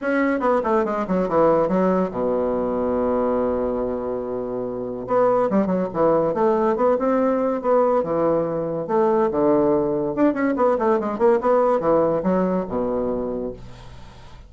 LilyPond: \new Staff \with { instrumentName = "bassoon" } { \time 4/4 \tempo 4 = 142 cis'4 b8 a8 gis8 fis8 e4 | fis4 b,2.~ | b,1 | b4 g8 fis8 e4 a4 |
b8 c'4. b4 e4~ | e4 a4 d2 | d'8 cis'8 b8 a8 gis8 ais8 b4 | e4 fis4 b,2 | }